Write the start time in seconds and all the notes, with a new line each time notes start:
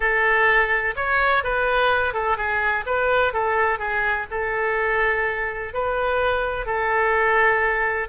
0.00 A4
0.96 C#5
1.43 B4
2.13 A4
2.37 G#4
2.85 B4
3.33 A4
3.78 G#4
4.30 A4
5.73 B4
6.66 A4